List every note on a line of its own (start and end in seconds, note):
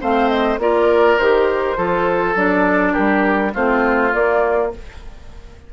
0.00 0.58 A3
0.00 0.59 C4
0.00 0.59 C5
0.00 0.29 F5
0.29 0.58 D#5
0.58 1.17 A#3
0.58 1.18 F4
0.58 1.77 A#4
0.58 1.18 D5
1.18 1.77 D#3
1.18 1.76 G4
1.18 2.36 C5
1.76 2.35 F3
1.76 2.35 F4
1.76 2.93 A4
2.35 2.94 F#3
2.35 3.53 D4
2.35 2.93 D5
2.93 3.55 G3
2.93 3.52 G4
2.93 3.52 A#4
3.54 4.14 A3
3.54 4.12 C4
3.54 4.72 F4
3.54 4.13 C5
4.12 4.71 A#3
4.12 4.73 A#3
4.12 4.72 D5